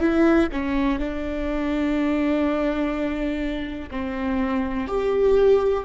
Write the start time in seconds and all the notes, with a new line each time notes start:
0.00 E4
0.52 C#4
0.99 D4
3.91 C4
4.87 G4